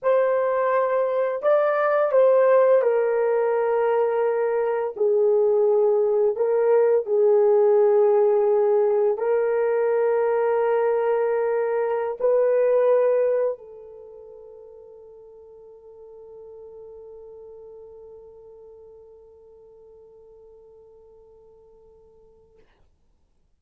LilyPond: \new Staff \with { instrumentName = "horn" } { \time 4/4 \tempo 4 = 85 c''2 d''4 c''4 | ais'2. gis'4~ | gis'4 ais'4 gis'2~ | gis'4 ais'2.~ |
ais'4~ ais'16 b'2 a'8.~ | a'1~ | a'1~ | a'1 | }